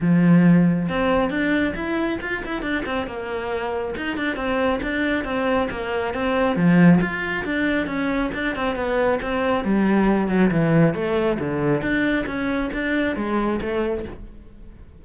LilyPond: \new Staff \with { instrumentName = "cello" } { \time 4/4 \tempo 4 = 137 f2 c'4 d'4 | e'4 f'8 e'8 d'8 c'8 ais4~ | ais4 dis'8 d'8 c'4 d'4 | c'4 ais4 c'4 f4 |
f'4 d'4 cis'4 d'8 c'8 | b4 c'4 g4. fis8 | e4 a4 d4 d'4 | cis'4 d'4 gis4 a4 | }